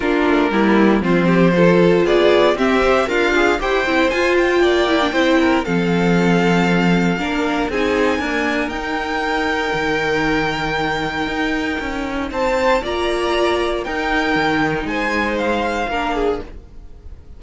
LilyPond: <<
  \new Staff \with { instrumentName = "violin" } { \time 4/4 \tempo 4 = 117 ais'2 c''2 | d''4 e''4 f''4 g''4 | gis''8 g''2~ g''8 f''4~ | f''2. gis''4~ |
gis''4 g''2.~ | g''1 | a''4 ais''2 g''4~ | g''4 gis''4 f''2 | }
  \new Staff \with { instrumentName = "violin" } { \time 4/4 f'4 e'4 f'8 g'8 a'4 | gis'4 g'4 f'4 c''4~ | c''4 d''4 c''8 ais'8 a'4~ | a'2 ais'4 gis'4 |
ais'1~ | ais'1 | c''4 d''2 ais'4~ | ais'4 c''2 ais'8 gis'8 | }
  \new Staff \with { instrumentName = "viola" } { \time 4/4 d'4 ais4 c'4 f'4~ | f'4 c'8 c''8 ais'8 gis'8 g'8 e'8 | f'4. e'16 d'16 e'4 c'4~ | c'2 d'4 dis'4 |
ais4 dis'2.~ | dis'1~ | dis'4 f'2 dis'4~ | dis'2. d'4 | }
  \new Staff \with { instrumentName = "cello" } { \time 4/4 ais8 a8 g4 f2 | b4 c'4 d'4 e'8 c'8 | f'4 ais4 c'4 f4~ | f2 ais4 c'4 |
d'4 dis'2 dis4~ | dis2 dis'4 cis'4 | c'4 ais2 dis'4 | dis4 gis2 ais4 | }
>>